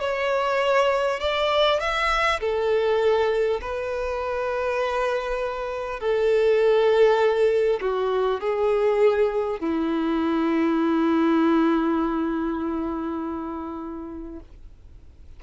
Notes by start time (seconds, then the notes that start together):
0.00 C#5
1.19 D5
1.79 E5
2.40 A4
3.61 B4
5.99 A4
7.81 F#4
8.40 G#4
9.59 E4